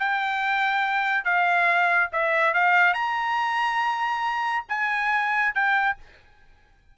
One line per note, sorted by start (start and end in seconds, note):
0.00 1.25 G5
1.25 2.11 F5
2.13 2.54 E5
2.54 2.94 F5
2.94 4.66 A#5
4.69 5.55 G#5
5.55 5.98 G5